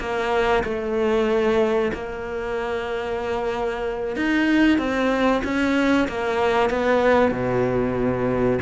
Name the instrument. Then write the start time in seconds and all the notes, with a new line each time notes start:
cello
0.00 A#3
0.64 A3
1.93 A#3
4.17 D#4
4.78 C4
5.44 C#4
6.08 A#3
6.70 B3
7.31 B2